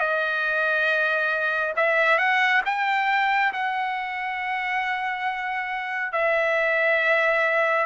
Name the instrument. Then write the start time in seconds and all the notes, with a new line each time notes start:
trumpet
0.00 D#5
1.76 E5
2.19 F#5
2.66 G5
3.53 F#5
6.12 E5